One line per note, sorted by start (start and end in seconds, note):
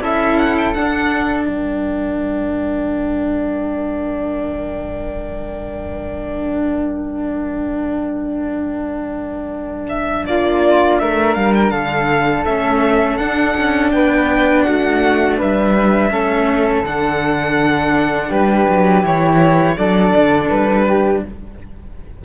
0.00 0.74 C#4
0.00 0.73 E4
0.00 1.47 A4
0.00 0.38 E5
0.38 0.57 F#5
0.57 0.74 G5
0.74 12.45 D4
0.74 1.48 D4
0.74 1.44 F#5
1.44 10.26 G3
1.44 10.25 A#4
1.44 9.86 G5
9.89 10.25 E5
10.26 11.00 A#3
10.26 11.00 F4
10.26 10.99 D5
10.99 11.35 A3
10.99 11.72 A#4
10.99 11.34 E5
11.34 11.71 G3
11.34 11.53 F5
11.54 11.70 G5
11.70 12.45 D3
11.70 13.92 A4
11.70 12.43 F5
12.45 13.18 A3
12.45 13.20 C#4
12.45 13.17 E5
13.17 13.55 D4
13.17 16.11 D4
13.17 13.90 F#5
13.57 13.93 C#4
13.91 14.66 B3
13.91 14.63 B4
13.91 14.62 G5
14.62 15.41 A3
14.62 15.36 F#4
14.62 15.35 F#5
15.37 16.10 G3
15.37 16.11 B4
15.37 16.85 E5
16.10 16.84 A3
16.10 16.84 C#4
16.10 18.29 A4
16.84 18.30 D3
16.84 19.02 D4
16.84 18.31 F#5
18.29 18.66 G3
18.29 19.75 G4
18.29 19.04 B4
18.69 19.03 F#3
19.02 19.77 E3
19.02 19.75 E4
19.02 19.77 C#5
19.77 20.14 F#3
19.77 21.24 D4
19.77 20.87 A4
19.77 20.49 D5
20.16 20.50 D3
20.49 21.23 G3
20.49 21.22 B4
20.87 21.23 G4